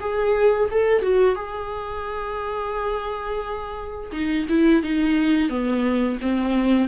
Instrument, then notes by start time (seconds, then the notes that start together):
viola
0.00 G#4
0.71 A4
1.02 F#4
1.35 G#4
4.12 D#4
4.49 E4
4.83 D#4
5.49 B3
6.21 C4